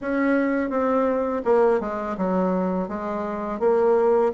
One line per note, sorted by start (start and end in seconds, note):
0.01 0.70 C#4
0.70 1.42 C4
1.45 1.80 A#3
1.80 2.16 G#3
2.17 2.88 F#3
2.88 3.59 G#3
3.59 4.32 A#3